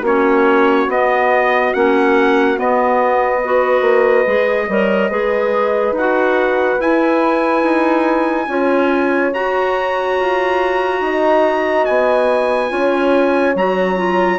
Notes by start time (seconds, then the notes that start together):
0.00 A#3 C#4 F#4 C#5
0.87 B3 D#5
1.73 A#3 C#4 F#5
2.56 B3 D#5
3.41 F#4 B4
3.81 A#3
4.26 G#3 G#4
4.68 G3 A#4 C#5
5.10 G#3 G#4 B4
5.91 D#4 F#5
5.98 F#4
6.79 E4 G#5
7.62 D#4
8.47 C#4 F4 C#5
9.33 F#4 A#5
10.19 F4
11.01 D#4 D#5
11.85 B3 G#5
12.69 C#4 F4 C#5
13.55 F#3 F#4 A#5
13.96 F4